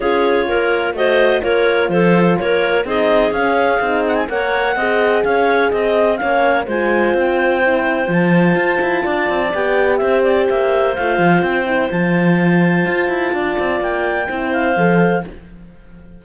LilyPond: <<
  \new Staff \with { instrumentName = "clarinet" } { \time 4/4 \tempo 4 = 126 cis''2 dis''4 cis''4 | c''4 cis''4 dis''4 f''4~ | f''8 fis''16 gis''16 fis''2 f''4 | dis''4 f''4 gis''4 g''4~ |
g''4 a''2. | g''4 e''8 d''8 e''4 f''4 | g''4 a''2.~ | a''4 g''4. f''4. | }
  \new Staff \with { instrumentName = "clarinet" } { \time 4/4 gis'4 ais'4 c''4 ais'4 | a'4 ais'4 gis'2~ | gis'4 cis''4 dis''4 cis''4 | dis''4 cis''4 c''2~ |
c''2. d''4~ | d''4 c''2.~ | c''1 | d''2 c''2 | }
  \new Staff \with { instrumentName = "horn" } { \time 4/4 f'2 fis'4 f'4~ | f'2 dis'4 cis'4 | dis'4 ais'4 gis'2~ | gis'4 cis'4 f'2 |
e'4 f'2. | g'2. f'4~ | f'8 e'8 f'2.~ | f'2 e'4 a'4 | }
  \new Staff \with { instrumentName = "cello" } { \time 4/4 cis'4 ais4 a4 ais4 | f4 ais4 c'4 cis'4 | c'4 ais4 c'4 cis'4 | c'4 ais4 gis4 c'4~ |
c'4 f4 f'8 e'8 d'8 c'8 | b4 c'4 ais4 a8 f8 | c'4 f2 f'8 e'8 | d'8 c'8 ais4 c'4 f4 | }
>>